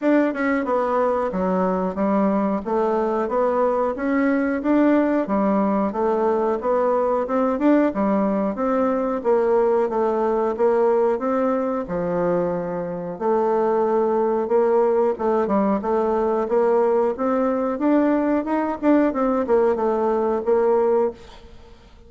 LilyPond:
\new Staff \with { instrumentName = "bassoon" } { \time 4/4 \tempo 4 = 91 d'8 cis'8 b4 fis4 g4 | a4 b4 cis'4 d'4 | g4 a4 b4 c'8 d'8 | g4 c'4 ais4 a4 |
ais4 c'4 f2 | a2 ais4 a8 g8 | a4 ais4 c'4 d'4 | dis'8 d'8 c'8 ais8 a4 ais4 | }